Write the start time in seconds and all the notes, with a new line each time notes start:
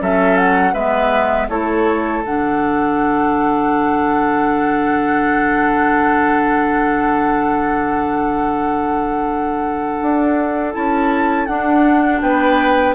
0.00 F#3 C#4 A4 E5
0.37 F#5
0.73 G#3 B3 B4 E5
1.49 A3 E4 A4 C#5
2.23 D3 D4 F#5
10.01 D4
10.73 C#4 E4 A5
11.46 D4 F#5
12.21 B3 B4 G5